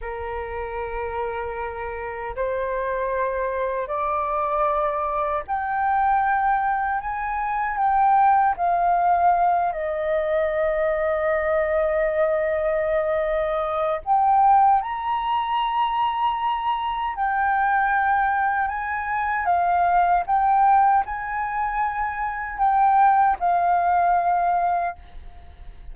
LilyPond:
\new Staff \with { instrumentName = "flute" } { \time 4/4 \tempo 4 = 77 ais'2. c''4~ | c''4 d''2 g''4~ | g''4 gis''4 g''4 f''4~ | f''8 dis''2.~ dis''8~ |
dis''2 g''4 ais''4~ | ais''2 g''2 | gis''4 f''4 g''4 gis''4~ | gis''4 g''4 f''2 | }